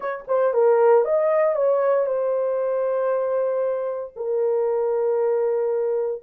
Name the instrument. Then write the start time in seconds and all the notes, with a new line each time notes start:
horn
0.00 C#5
0.27 C5
0.53 A#4
1.05 D#5
1.55 C#5
2.06 C5
4.15 A#4